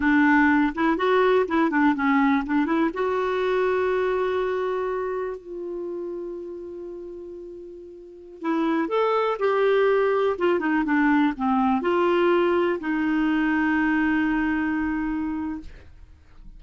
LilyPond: \new Staff \with { instrumentName = "clarinet" } { \time 4/4 \tempo 4 = 123 d'4. e'8 fis'4 e'8 d'8 | cis'4 d'8 e'8 fis'2~ | fis'2. f'4~ | f'1~ |
f'4~ f'16 e'4 a'4 g'8.~ | g'4~ g'16 f'8 dis'8 d'4 c'8.~ | c'16 f'2 dis'4.~ dis'16~ | dis'1 | }